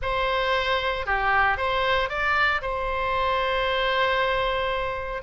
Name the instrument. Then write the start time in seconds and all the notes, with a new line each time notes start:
oboe
0.02 C5
1.06 G4
1.57 C5
2.09 D5
2.61 C5